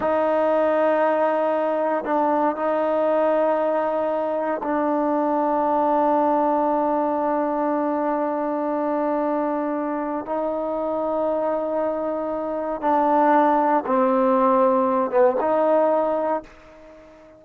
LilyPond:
\new Staff \with { instrumentName = "trombone" } { \time 4/4 \tempo 4 = 117 dis'1 | d'4 dis'2.~ | dis'4 d'2.~ | d'1~ |
d'1 | dis'1~ | dis'4 d'2 c'4~ | c'4. b8 dis'2 | }